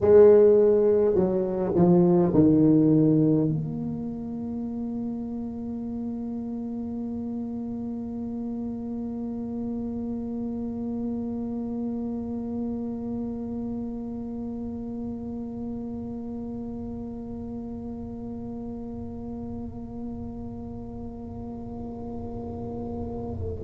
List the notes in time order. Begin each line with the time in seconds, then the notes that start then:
0.00 G#3
1.14 F#3
1.75 F3
2.33 D#3
3.48 A#3